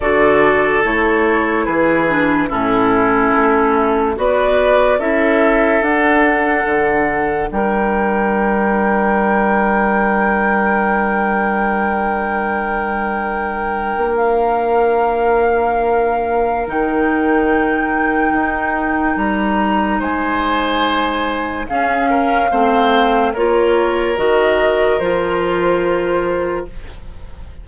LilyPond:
<<
  \new Staff \with { instrumentName = "flute" } { \time 4/4 \tempo 4 = 72 d''4 cis''4 b'4 a'4~ | a'4 d''4 e''4 fis''4~ | fis''4 g''2.~ | g''1~ |
g''4 f''2. | g''2. ais''4 | gis''2 f''2 | cis''4 dis''4 c''2 | }
  \new Staff \with { instrumentName = "oboe" } { \time 4/4 a'2 gis'4 e'4~ | e'4 b'4 a'2~ | a'4 ais'2.~ | ais'1~ |
ais'1~ | ais'1 | c''2 gis'8 ais'8 c''4 | ais'1 | }
  \new Staff \with { instrumentName = "clarinet" } { \time 4/4 fis'4 e'4. d'8 cis'4~ | cis'4 fis'4 e'4 d'4~ | d'1~ | d'1~ |
d'1 | dis'1~ | dis'2 cis'4 c'4 | f'4 fis'4 f'2 | }
  \new Staff \with { instrumentName = "bassoon" } { \time 4/4 d4 a4 e4 a,4 | a4 b4 cis'4 d'4 | d4 g2.~ | g1~ |
g8. ais2.~ ais16 | dis2 dis'4 g4 | gis2 cis'4 a4 | ais4 dis4 f2 | }
>>